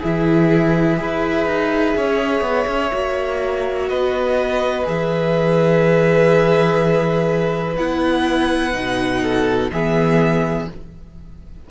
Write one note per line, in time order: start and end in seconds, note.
0.00 1.00 E3
0.00 0.97 E4
0.00 0.97 G#4
0.00 3.89 E5
0.97 1.46 E4
0.97 2.90 G#4
0.97 1.97 B4
1.46 1.95 D#4
1.97 2.41 C#4
1.97 3.89 C#5
2.41 2.66 B3
2.67 2.92 C#4
2.92 3.90 A#3
2.92 4.84 F#4
3.89 4.87 B3
3.89 9.22 B4
3.89 4.86 D#5
4.84 7.77 E3
4.84 7.75 G#4
4.84 7.77 E5
7.77 8.74 B3
7.77 8.73 E4
7.77 9.71 F#5
8.73 9.71 B2
8.73 9.70 D#4
9.22 9.71 A4
9.72 10.68 E3
9.72 10.71 B3
9.72 10.70 G#4
9.72 10.69 E5